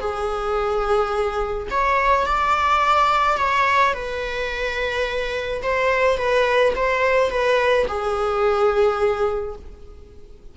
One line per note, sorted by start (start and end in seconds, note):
0.00 1.68 G#4
1.71 2.27 C#5
2.27 3.38 D5
3.38 3.94 C#5
3.94 5.63 B4
5.63 6.18 C5
6.18 6.74 B4
6.76 7.31 C5
7.31 7.87 B4
7.88 9.56 G#4